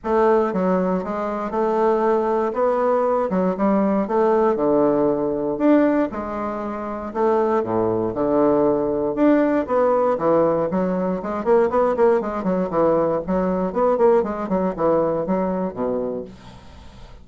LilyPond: \new Staff \with { instrumentName = "bassoon" } { \time 4/4 \tempo 4 = 118 a4 fis4 gis4 a4~ | a4 b4. fis8 g4 | a4 d2 d'4 | gis2 a4 a,4 |
d2 d'4 b4 | e4 fis4 gis8 ais8 b8 ais8 | gis8 fis8 e4 fis4 b8 ais8 | gis8 fis8 e4 fis4 b,4 | }